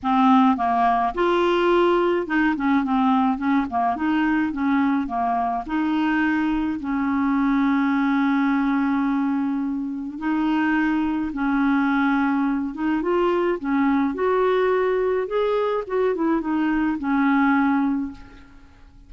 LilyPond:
\new Staff \with { instrumentName = "clarinet" } { \time 4/4 \tempo 4 = 106 c'4 ais4 f'2 | dis'8 cis'8 c'4 cis'8 ais8 dis'4 | cis'4 ais4 dis'2 | cis'1~ |
cis'2 dis'2 | cis'2~ cis'8 dis'8 f'4 | cis'4 fis'2 gis'4 | fis'8 e'8 dis'4 cis'2 | }